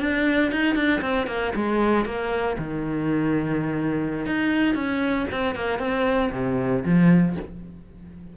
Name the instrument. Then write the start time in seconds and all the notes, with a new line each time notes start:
cello
0.00 D4
0.52 D#4
0.75 D4
1.01 C4
1.27 A#3
1.55 G#3
2.05 A#3
2.58 D#3
4.26 D#4
4.75 C#4
5.32 C4
5.56 A#3
5.79 C4
6.32 C3
6.85 F3